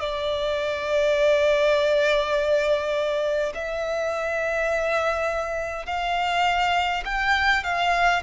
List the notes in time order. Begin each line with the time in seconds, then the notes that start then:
0.00 D5
3.55 E5
5.86 F5
7.05 G5
7.64 F5